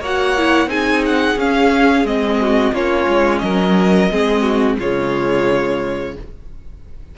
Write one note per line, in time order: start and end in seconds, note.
0.00 0.66 A#3
0.00 0.38 F#4
0.00 0.68 C#5
0.00 0.69 F#5
0.38 0.68 E4
0.66 1.35 C4
0.66 1.36 D#4
0.66 2.40 G#4
0.66 1.03 G#5
1.05 1.39 F#5
1.36 2.04 C#4
1.36 2.06 C#4
1.36 2.06 F5
2.04 2.72 G#3
2.04 2.73 C4
2.04 2.74 D#5
2.41 2.74 F#4
2.72 3.06 A#3
2.72 4.09 C#4
2.72 3.42 F4
2.72 3.38 C#5
3.08 3.42 G#3
3.38 4.10 F#3
3.38 4.11 A#4
3.38 4.75 D#5
4.11 4.79 G#3
4.11 4.79 C4
4.11 4.42 G#4
4.42 4.76 F#4
4.78 6.16 C#3
4.78 6.17 G#3
4.78 6.15 F4
4.78 6.16 C#5